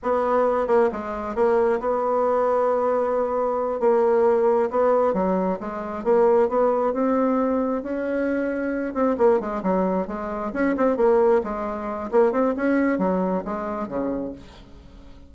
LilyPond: \new Staff \with { instrumentName = "bassoon" } { \time 4/4 \tempo 4 = 134 b4. ais8 gis4 ais4 | b1~ | b8 ais2 b4 fis8~ | fis8 gis4 ais4 b4 c'8~ |
c'4. cis'2~ cis'8 | c'8 ais8 gis8 fis4 gis4 cis'8 | c'8 ais4 gis4. ais8 c'8 | cis'4 fis4 gis4 cis4 | }